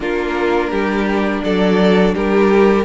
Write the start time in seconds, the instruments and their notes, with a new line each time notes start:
0.00 cello A#3, viola D4, violin F4 A#4
0.70 cello G3, violin G4
1.43 cello F#3, violin A4 D5
2.14 cello G3, violin G4 A#4